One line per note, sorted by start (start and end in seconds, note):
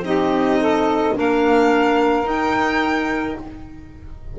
0.00 1.11 C4
0.00 1.15 D#4
0.00 0.60 G4
0.00 1.16 D#5
0.60 1.16 A4
1.15 2.25 A#3
1.15 2.24 D4
1.15 3.38 A#4
1.15 2.28 F5
2.24 3.35 D#4
2.24 3.36 D#4
2.24 3.39 G5